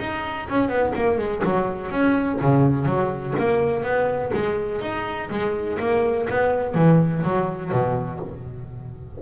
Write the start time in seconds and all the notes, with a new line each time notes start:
0.00 D#4
0.49 C#4
0.69 B3
0.95 A#3
1.18 G#3
1.44 F#3
1.91 C#4
2.41 C#3
2.86 F#3
3.38 A#3
3.83 B3
4.34 G#3
4.81 D#4
5.30 G#3
5.80 A#3
6.29 B3
6.75 E3
7.24 F#3
7.72 B2